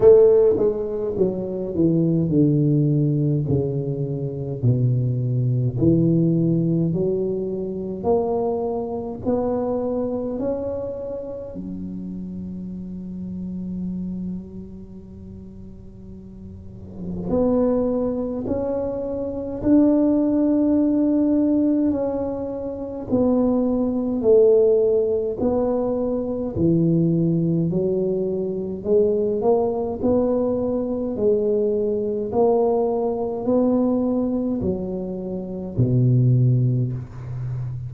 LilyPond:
\new Staff \with { instrumentName = "tuba" } { \time 4/4 \tempo 4 = 52 a8 gis8 fis8 e8 d4 cis4 | b,4 e4 fis4 ais4 | b4 cis'4 fis2~ | fis2. b4 |
cis'4 d'2 cis'4 | b4 a4 b4 e4 | fis4 gis8 ais8 b4 gis4 | ais4 b4 fis4 b,4 | }